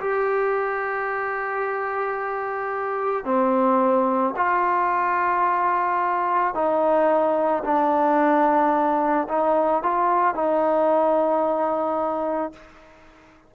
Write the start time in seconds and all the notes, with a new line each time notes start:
0.00 G4
3.25 C4
4.36 F4
6.55 D#4
7.64 D4
9.29 D#4
9.83 F4
10.35 D#4